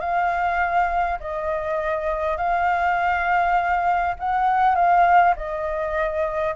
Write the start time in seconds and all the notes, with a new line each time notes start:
0.00 F5
1.20 D#5
2.37 F5
4.19 F#5
4.75 F5
5.36 D#5